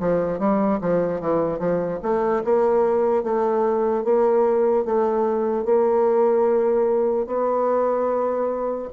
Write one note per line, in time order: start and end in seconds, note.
0.00 0.39 F3
0.39 0.80 G3
0.81 1.21 F3
1.21 1.59 E3
1.59 1.99 F3
2.03 2.43 A3
2.44 3.23 A#3
3.23 4.04 A3
4.04 4.85 A#3
4.85 5.65 A3
5.65 7.27 A#3
7.27 8.89 B3